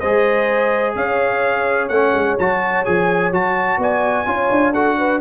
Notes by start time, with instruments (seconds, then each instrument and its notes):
0.00 tuba G#3, trombone G#4, horn C5, trumpet D#5
0.95 tuba C#4, horn C#5, trumpet F5
1.89 tuba A3, trombone C#4, trumpet F#5
2.14 tuba G#3
2.38 tuba F#3, trombone F#4, trumpet A5
2.85 tuba F3, trombone G#4, trumpet G#5
3.32 tuba F#3, trombone F#4, trumpet A5
3.77 tuba B3, horn D5, trumpet G#5
4.26 tuba C#4, trombone F4, horn C#5
4.51 tuba D4
4.73 trombone F#4, horn A4, trumpet F#5
4.98 horn B4